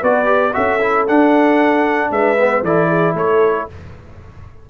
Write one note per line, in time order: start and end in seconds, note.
0.00 0.54 B3
0.00 0.25 F#4
0.00 0.52 B4
0.00 0.53 D5
0.25 0.51 G4
0.53 1.09 C#4
0.53 0.79 F#4
0.53 2.11 A4
0.53 1.06 E5
0.81 1.07 E4
1.07 2.38 D4
1.07 2.11 D4
1.07 2.11 F#5
2.11 2.62 G#3
2.11 2.63 B4
2.11 2.64 E5
2.39 2.65 B3
2.62 3.14 E3
2.62 3.69 E4
2.62 2.88 A4
2.62 3.16 D5
2.88 3.14 G#4
3.14 3.67 A3
3.14 3.67 A4
3.14 3.69 C#5